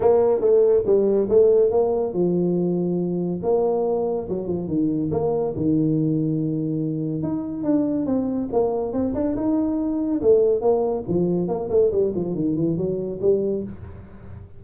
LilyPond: \new Staff \with { instrumentName = "tuba" } { \time 4/4 \tempo 4 = 141 ais4 a4 g4 a4 | ais4 f2. | ais2 fis8 f8 dis4 | ais4 dis2.~ |
dis4 dis'4 d'4 c'4 | ais4 c'8 d'8 dis'2 | a4 ais4 f4 ais8 a8 | g8 f8 dis8 e8 fis4 g4 | }